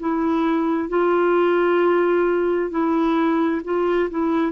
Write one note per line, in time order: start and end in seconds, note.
0.00 0.89 E4
0.89 2.71 F4
2.71 3.62 E4
3.64 4.10 F4
4.10 4.52 E4